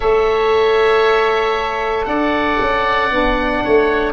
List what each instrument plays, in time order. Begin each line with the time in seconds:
0.00 tuba A3, saxophone A4, oboe C#5 E5
2.05 tuba D4, oboe D5 F#5
2.60 tuba C#4
3.10 tuba B3, saxophone D4
3.64 tuba A3, oboe C#5